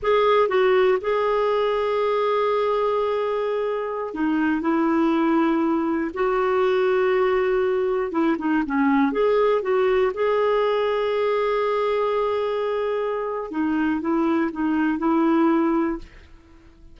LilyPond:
\new Staff \with { instrumentName = "clarinet" } { \time 4/4 \tempo 4 = 120 gis'4 fis'4 gis'2~ | gis'1~ | gis'16 dis'4 e'2~ e'8.~ | e'16 fis'2.~ fis'8.~ |
fis'16 e'8 dis'8 cis'4 gis'4 fis'8.~ | fis'16 gis'2.~ gis'8.~ | gis'2. dis'4 | e'4 dis'4 e'2 | }